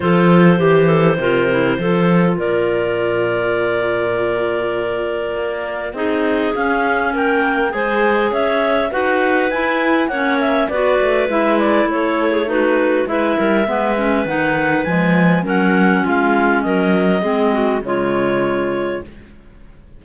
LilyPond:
<<
  \new Staff \with { instrumentName = "clarinet" } { \time 4/4 \tempo 4 = 101 c''1 | d''1~ | d''2 dis''4 f''4 | g''4 gis''4 e''4 fis''4 |
gis''4 fis''8 e''8 d''4 e''8 d''8 | cis''4 b'4 e''2 | fis''4 gis''4 fis''4 f''4 | dis''2 cis''2 | }
  \new Staff \with { instrumentName = "clarinet" } { \time 4/4 a'4 g'8 a'8 ais'4 a'4 | ais'1~ | ais'2 gis'2 | ais'4 c''4 cis''4 b'4~ |
b'4 cis''4 b'2 | a'8. gis'16 fis'4 b'8 ais'8 b'4~ | b'2 ais'4 f'4 | ais'4 gis'8 fis'8 f'2 | }
  \new Staff \with { instrumentName = "clarinet" } { \time 4/4 f'4 g'4 f'8 e'8 f'4~ | f'1~ | f'2 dis'4 cis'4~ | cis'4 gis'2 fis'4 |
e'4 cis'4 fis'4 e'4~ | e'4 dis'4 e'4 b8 cis'8 | dis'4 gis4 cis'2~ | cis'4 c'4 gis2 | }
  \new Staff \with { instrumentName = "cello" } { \time 4/4 f4 e4 c4 f4 | ais,1~ | ais,4 ais4 c'4 cis'4 | ais4 gis4 cis'4 dis'4 |
e'4 ais4 b8 a8 gis4 | a2 gis8 g8 gis4 | dis4 f4 fis4 gis4 | fis4 gis4 cis2 | }
>>